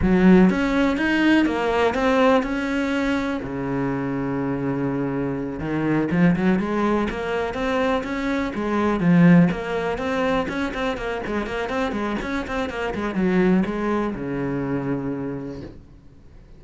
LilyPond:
\new Staff \with { instrumentName = "cello" } { \time 4/4 \tempo 4 = 123 fis4 cis'4 dis'4 ais4 | c'4 cis'2 cis4~ | cis2.~ cis8 dis8~ | dis8 f8 fis8 gis4 ais4 c'8~ |
c'8 cis'4 gis4 f4 ais8~ | ais8 c'4 cis'8 c'8 ais8 gis8 ais8 | c'8 gis8 cis'8 c'8 ais8 gis8 fis4 | gis4 cis2. | }